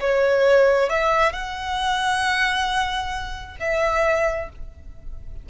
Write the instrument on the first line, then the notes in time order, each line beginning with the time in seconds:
violin
0.00 C#5
0.89 E5
1.33 F#5
3.60 E5